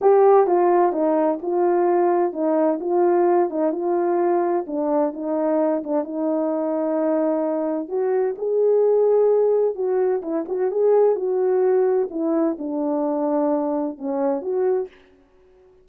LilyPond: \new Staff \with { instrumentName = "horn" } { \time 4/4 \tempo 4 = 129 g'4 f'4 dis'4 f'4~ | f'4 dis'4 f'4. dis'8 | f'2 d'4 dis'4~ | dis'8 d'8 dis'2.~ |
dis'4 fis'4 gis'2~ | gis'4 fis'4 e'8 fis'8 gis'4 | fis'2 e'4 d'4~ | d'2 cis'4 fis'4 | }